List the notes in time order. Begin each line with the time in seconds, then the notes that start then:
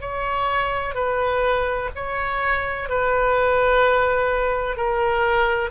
0.00 C#5
0.94 B4
1.95 C#5
2.89 B4
4.76 A#4